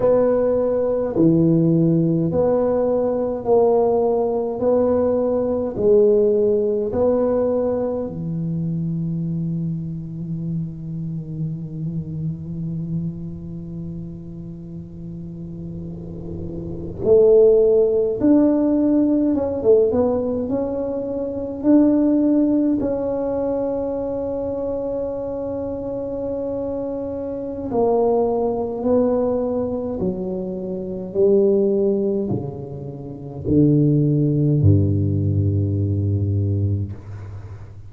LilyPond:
\new Staff \with { instrumentName = "tuba" } { \time 4/4 \tempo 4 = 52 b4 e4 b4 ais4 | b4 gis4 b4 e4~ | e1~ | e2~ e8. a4 d'16~ |
d'8. cis'16 a16 b8 cis'4 d'4 cis'16~ | cis'1 | ais4 b4 fis4 g4 | cis4 d4 g,2 | }